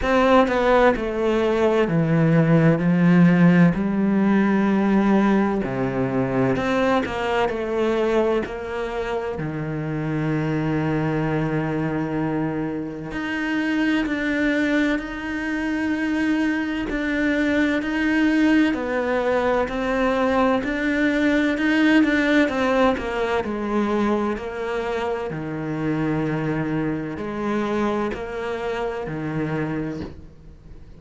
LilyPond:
\new Staff \with { instrumentName = "cello" } { \time 4/4 \tempo 4 = 64 c'8 b8 a4 e4 f4 | g2 c4 c'8 ais8 | a4 ais4 dis2~ | dis2 dis'4 d'4 |
dis'2 d'4 dis'4 | b4 c'4 d'4 dis'8 d'8 | c'8 ais8 gis4 ais4 dis4~ | dis4 gis4 ais4 dis4 | }